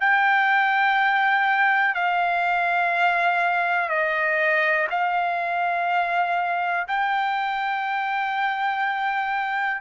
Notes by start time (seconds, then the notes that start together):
0.00 G5
1.94 F5
3.89 D#5
4.90 F5
6.88 G5